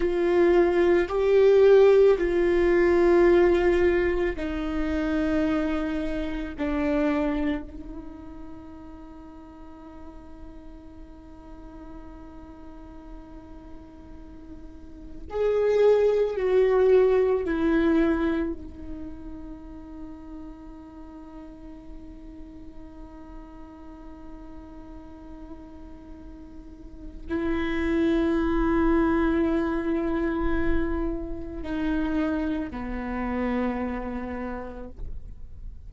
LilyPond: \new Staff \with { instrumentName = "viola" } { \time 4/4 \tempo 4 = 55 f'4 g'4 f'2 | dis'2 d'4 dis'4~ | dis'1~ | dis'2 gis'4 fis'4 |
e'4 dis'2.~ | dis'1~ | dis'4 e'2.~ | e'4 dis'4 b2 | }